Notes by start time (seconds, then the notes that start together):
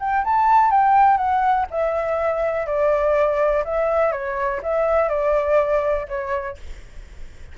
0.00 G5
0.25 A5
0.71 G5
1.18 F#5
1.71 E5
2.67 D5
3.65 E5
4.12 C#5
4.63 E5
5.09 D5
6.09 C#5